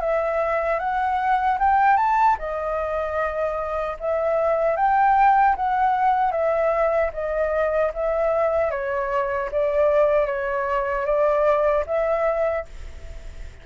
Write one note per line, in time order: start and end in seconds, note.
0.00 0.79 E5
0.79 1.58 F#5
1.59 1.97 G5
1.97 2.36 A5
2.39 3.97 D#5
4.00 4.77 E5
4.77 5.56 G5
5.56 6.32 F#5
6.32 7.11 E5
7.13 7.92 D#5
7.94 8.71 E5
8.71 9.50 C#5
9.51 10.26 D5
10.26 11.05 C#5
11.05 11.84 D5
11.86 12.65 E5